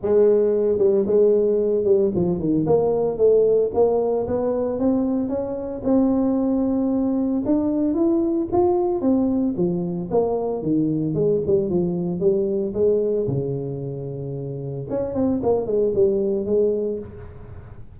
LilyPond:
\new Staff \with { instrumentName = "tuba" } { \time 4/4 \tempo 4 = 113 gis4. g8 gis4. g8 | f8 dis8 ais4 a4 ais4 | b4 c'4 cis'4 c'4~ | c'2 d'4 e'4 |
f'4 c'4 f4 ais4 | dis4 gis8 g8 f4 g4 | gis4 cis2. | cis'8 c'8 ais8 gis8 g4 gis4 | }